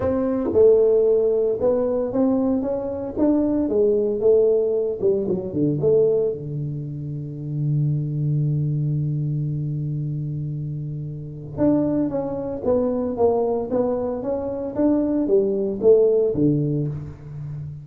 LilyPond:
\new Staff \with { instrumentName = "tuba" } { \time 4/4 \tempo 4 = 114 c'4 a2 b4 | c'4 cis'4 d'4 gis4 | a4. g8 fis8 d8 a4 | d1~ |
d1~ | d2 d'4 cis'4 | b4 ais4 b4 cis'4 | d'4 g4 a4 d4 | }